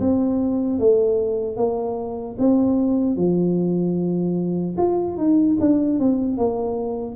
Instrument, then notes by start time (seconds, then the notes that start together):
tuba
0.00 C4
0.79 A3
1.57 A#3
2.39 C4
3.16 F3
4.77 F4
5.17 D#4
5.60 D4
5.99 C4
6.37 A#3